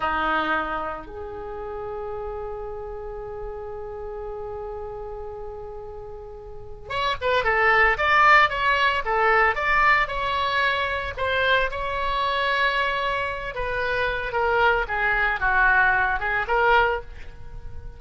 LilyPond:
\new Staff \with { instrumentName = "oboe" } { \time 4/4 \tempo 4 = 113 dis'2 gis'2~ | gis'1~ | gis'1~ | gis'4 cis''8 b'8 a'4 d''4 |
cis''4 a'4 d''4 cis''4~ | cis''4 c''4 cis''2~ | cis''4. b'4. ais'4 | gis'4 fis'4. gis'8 ais'4 | }